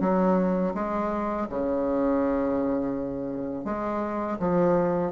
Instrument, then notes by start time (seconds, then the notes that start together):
bassoon
0.00 F#3
0.74 G#3
1.49 C#3
3.65 G#3
4.39 F3